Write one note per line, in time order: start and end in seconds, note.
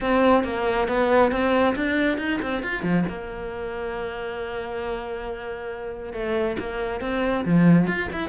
0.00 0.44 C4
0.44 0.88 A#3
0.88 1.31 B3
1.31 1.75 C4
1.75 2.18 D4
2.18 2.40 D#4
2.42 2.63 C4
2.63 2.82 F4
2.82 3.04 F3
3.08 6.13 A#3
6.13 6.57 A3
6.59 7.01 A#3
7.01 7.44 C4
7.45 7.87 F3
7.87 8.09 F4
8.12 8.29 E4